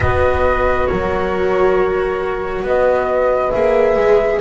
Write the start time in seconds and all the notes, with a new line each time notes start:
0.00 B3 F#4 B4 D#5
0.87 F#3 A#4 C#5
2.62 B3 B4 D#5
3.50 A#3 G#4 E5
3.96 G#3